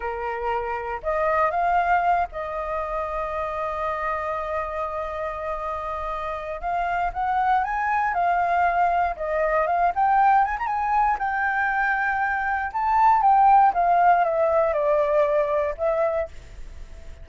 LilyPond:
\new Staff \with { instrumentName = "flute" } { \time 4/4 \tempo 4 = 118 ais'2 dis''4 f''4~ | f''8 dis''2.~ dis''8~ | dis''1~ | dis''4 f''4 fis''4 gis''4 |
f''2 dis''4 f''8 g''8~ | g''8 gis''16 ais''16 gis''4 g''2~ | g''4 a''4 g''4 f''4 | e''4 d''2 e''4 | }